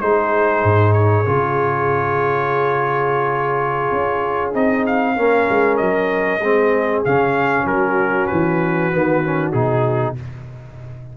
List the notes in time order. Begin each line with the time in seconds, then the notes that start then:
0.00 G#3 D#4 G#4 C5
0.64 G#2
0.93 C#5
1.26 C#3 F4
3.92 C#4
4.54 C4 D#4 D#5
4.87 F5
5.15 A#3 C#4 A#4
5.49 G#3
5.77 F#3 D#5
6.41 G#3 C4 G#4
7.05 C#3 C#4 F5
7.65 F#3 F#4 A#4
8.27 E3 B4
8.92 D#3 B3
9.24 C#4
9.53 B2 D#4 G#4